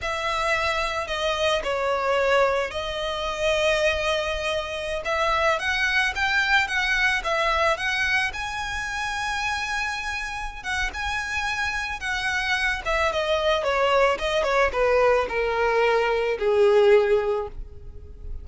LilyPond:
\new Staff \with { instrumentName = "violin" } { \time 4/4 \tempo 4 = 110 e''2 dis''4 cis''4~ | cis''4 dis''2.~ | dis''4~ dis''16 e''4 fis''4 g''8.~ | g''16 fis''4 e''4 fis''4 gis''8.~ |
gis''2.~ gis''8 fis''8 | gis''2 fis''4. e''8 | dis''4 cis''4 dis''8 cis''8 b'4 | ais'2 gis'2 | }